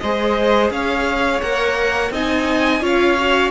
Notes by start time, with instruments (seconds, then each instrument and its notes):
0.00 cello G#3, viola G#4, violin C5 D#5
0.71 cello C#4, violin C#5 F5
1.42 cello A#3, viola A#4, violin F#5
2.11 cello C4, viola D#4, violin D#5 G#5
2.81 cello C#4, viola F4, violin C#5 F5
3.20 viola F#4